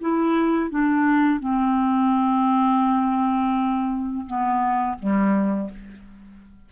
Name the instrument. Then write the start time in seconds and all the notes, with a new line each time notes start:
clarinet
0.00 E4
0.70 D4
1.39 C4
4.26 B3
4.98 G3